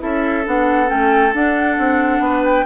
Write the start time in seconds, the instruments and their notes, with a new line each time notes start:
0.00 bassoon C#4, clarinet E4, oboe A4, flute E5
0.45 bassoon B3, clarinet D4, flute F#5
0.87 bassoon A3, clarinet C#4, flute G5
1.34 bassoon D4, clarinet D4, flute F#5
1.79 bassoon C4
2.20 bassoon B3, oboe B4
2.45 flute G5